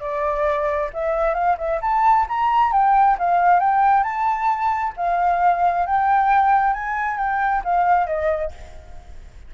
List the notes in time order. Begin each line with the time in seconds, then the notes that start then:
0.00 D5
0.93 E5
1.34 F5
1.57 E5
1.81 A5
2.28 A#5
2.72 G5
3.18 F5
3.59 G5
4.03 A5
4.96 F5
5.86 G5
6.73 G#5
7.17 G5
7.64 F5
8.06 D#5